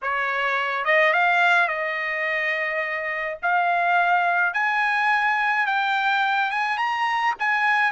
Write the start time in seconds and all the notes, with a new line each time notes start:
0.02 C#5
0.84 D#5
1.13 F5
1.68 D#5
3.42 F5
4.53 G#5
5.66 G5
6.51 G#5
6.77 A#5
7.39 G#5